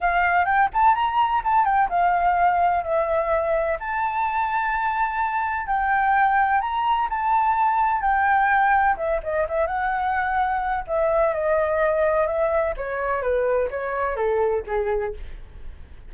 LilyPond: \new Staff \with { instrumentName = "flute" } { \time 4/4 \tempo 4 = 127 f''4 g''8 a''8 ais''4 a''8 g''8 | f''2 e''2 | a''1 | g''2 ais''4 a''4~ |
a''4 g''2 e''8 dis''8 | e''8 fis''2~ fis''8 e''4 | dis''2 e''4 cis''4 | b'4 cis''4 a'4 gis'4 | }